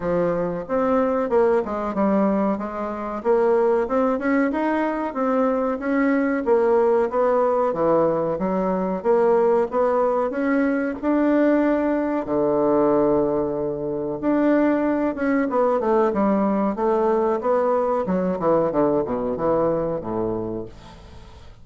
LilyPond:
\new Staff \with { instrumentName = "bassoon" } { \time 4/4 \tempo 4 = 93 f4 c'4 ais8 gis8 g4 | gis4 ais4 c'8 cis'8 dis'4 | c'4 cis'4 ais4 b4 | e4 fis4 ais4 b4 |
cis'4 d'2 d4~ | d2 d'4. cis'8 | b8 a8 g4 a4 b4 | fis8 e8 d8 b,8 e4 a,4 | }